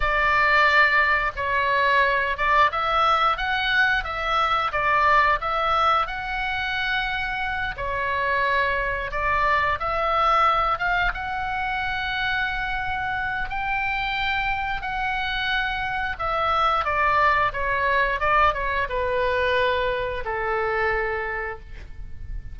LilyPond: \new Staff \with { instrumentName = "oboe" } { \time 4/4 \tempo 4 = 89 d''2 cis''4. d''8 | e''4 fis''4 e''4 d''4 | e''4 fis''2~ fis''8 cis''8~ | cis''4. d''4 e''4. |
f''8 fis''2.~ fis''8 | g''2 fis''2 | e''4 d''4 cis''4 d''8 cis''8 | b'2 a'2 | }